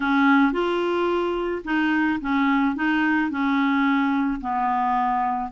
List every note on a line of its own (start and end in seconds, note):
0.00 0.52 C#4
0.52 1.62 F4
1.64 2.19 D#4
2.20 2.75 C#4
2.75 3.30 D#4
3.30 4.40 C#4
4.40 5.50 B3